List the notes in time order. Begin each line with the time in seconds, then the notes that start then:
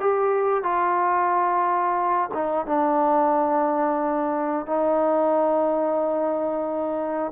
0.00 G4
0.63 F4
2.34 D#4
2.67 D4
4.67 D#4